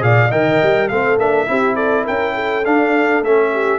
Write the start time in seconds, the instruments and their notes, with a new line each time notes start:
0.00 tuba A#2, trombone G#4, horn D5, trumpet F5
0.28 tuba D#3, trombone A#4, horn D#5, trumpet G5
0.63 tuba G3
0.89 tuba A3, trombone C4, horn A4, trumpet F5
1.18 tuba A#3, trombone D4, trumpet E5
1.46 tuba C4, trombone E4, horn G4
1.75 horn A4, trumpet D5
2.04 tuba C#4, horn A#4, trumpet G5
2.35 horn A4
2.65 trombone D4, tuba D4, trumpet F5
3.22 tuba A3, trombone C#4, trumpet E5
3.53 horn G4